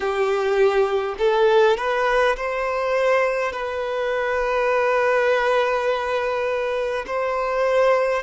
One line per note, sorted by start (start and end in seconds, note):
0.00 1.15 G4
1.18 1.76 A4
1.77 2.36 B4
2.36 3.52 C5
3.52 7.05 B4
7.06 8.22 C5